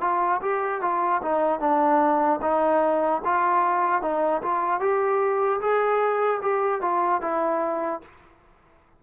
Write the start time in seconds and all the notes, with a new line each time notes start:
0.00 F4
0.41 G4
0.81 F4
1.22 D#4
1.59 D4
2.41 D#4
3.24 F4
4.01 D#4
4.42 F4
4.80 G4
5.60 G#4
6.41 G4
6.81 F4
7.21 E4